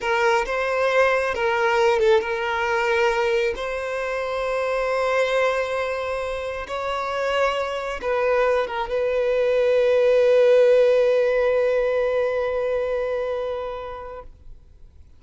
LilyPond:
\new Staff \with { instrumentName = "violin" } { \time 4/4 \tempo 4 = 135 ais'4 c''2 ais'4~ | ais'8 a'8 ais'2. | c''1~ | c''2. cis''4~ |
cis''2 b'4. ais'8 | b'1~ | b'1~ | b'1 | }